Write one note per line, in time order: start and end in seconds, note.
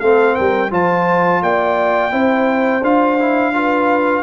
0.00 0.36 A3
0.00 0.70 C4
0.00 0.34 A4
0.00 0.35 F5
0.34 0.71 G3
0.34 0.69 A#4
0.34 0.70 G5
0.70 1.42 F3
0.70 2.11 F4
0.70 1.42 C5
0.70 1.43 A5
1.42 2.12 A#3
1.42 2.12 D5
1.42 2.84 G5
2.11 2.82 C4
2.11 2.82 E4
2.11 3.53 C5
2.82 4.23 D4
2.82 3.18 F4
2.82 4.23 F5
3.19 3.54 E4
3.54 4.23 F4
3.54 4.23 B4